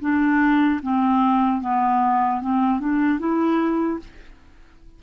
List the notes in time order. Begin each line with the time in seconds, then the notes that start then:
0.00 D4
0.82 C4
1.61 B3
2.41 C4
2.80 D4
3.19 E4